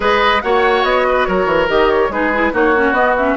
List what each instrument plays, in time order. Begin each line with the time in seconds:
0.00 bassoon G#3, clarinet G#4, oboe B4, flute D#5
0.41 bassoon A#3, clarinet F#4, oboe C#5, flute F#5
0.83 bassoon B3, flute D#5
1.09 oboe B4
1.24 bassoon F#3, oboe A#4, flute C#5
1.46 bassoon E3
1.67 bassoon D#3, clarinet G4, flute D#5
1.90 flute C#5
2.09 bassoon G#3, clarinet D#4, oboe G#4, flute B4
2.33 clarinet E4
2.52 bassoon A#3, clarinet D#4, oboe F#4, flute C#5
2.76 clarinet C#4
2.92 bassoon B3, clarinet B3, flute D#5
3.16 clarinet C#4, flute E5